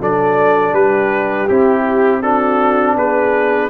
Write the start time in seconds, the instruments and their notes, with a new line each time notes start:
0.00 tuba F#3, trombone D4, horn A4, trumpet D5
0.73 tuba G3, horn G4, trumpet B4
1.48 tuba C4, trombone E4, trumpet G4
2.22 trombone D4, horn F#4, trumpet A4
2.96 tuba B3, horn G#4, trumpet B4